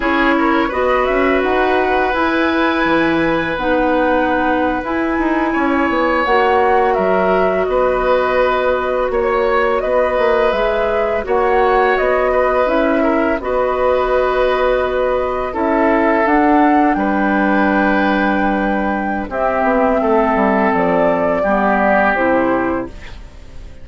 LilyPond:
<<
  \new Staff \with { instrumentName = "flute" } { \time 4/4 \tempo 4 = 84 cis''4 dis''8 e''8 fis''4 gis''4~ | gis''4 fis''4.~ fis''16 gis''4~ gis''16~ | gis''8. fis''4 e''4 dis''4~ dis''16~ | dis''8. cis''4 dis''4 e''4 fis''16~ |
fis''8. dis''4 e''4 dis''4~ dis''16~ | dis''4.~ dis''16 e''4 fis''4 g''16~ | g''2. e''4~ | e''4 d''2 c''4 | }
  \new Staff \with { instrumentName = "oboe" } { \time 4/4 gis'8 ais'8 b'2.~ | b'2.~ b'8. cis''16~ | cis''4.~ cis''16 ais'4 b'4~ b'16~ | b'8. cis''4 b'2 cis''16~ |
cis''4~ cis''16 b'4 ais'8 b'4~ b'16~ | b'4.~ b'16 a'2 b'16~ | b'2. g'4 | a'2 g'2 | }
  \new Staff \with { instrumentName = "clarinet" } { \time 4/4 e'4 fis'2 e'4~ | e'4 dis'4.~ dis'16 e'4~ e'16~ | e'8. fis'2.~ fis'16~ | fis'2~ fis'8. gis'4 fis'16~ |
fis'4.~ fis'16 e'4 fis'4~ fis'16~ | fis'4.~ fis'16 e'4 d'4~ d'16~ | d'2. c'4~ | c'2 b4 e'4 | }
  \new Staff \with { instrumentName = "bassoon" } { \time 4/4 cis'4 b8 cis'8 dis'4 e'4 | e4 b4.~ b16 e'8 dis'8 cis'16~ | cis'16 b8 ais4 fis4 b4~ b16~ | b8. ais4 b8 ais8 gis4 ais16~ |
ais8. b4 cis'4 b4~ b16~ | b4.~ b16 cis'4 d'4 g16~ | g2. c'8 b8 | a8 g8 f4 g4 c4 | }
>>